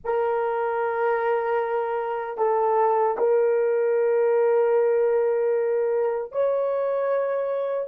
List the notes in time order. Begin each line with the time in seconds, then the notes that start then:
0.04 A#4
2.37 A4
3.18 A#4
6.32 C#5